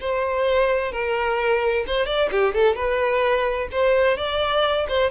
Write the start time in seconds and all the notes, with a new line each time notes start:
0.00 C5
0.92 A#4
1.86 C5
2.05 D5
2.31 G4
2.54 A4
2.75 B4
3.71 C5
4.17 D5
4.88 C5